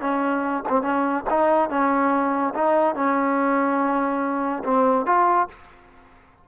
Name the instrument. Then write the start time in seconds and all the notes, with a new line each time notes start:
trombone
0.00 C#4
0.68 C4
0.82 C#4
1.30 D#4
1.69 C#4
2.54 D#4
2.95 C#4
4.64 C4
5.06 F4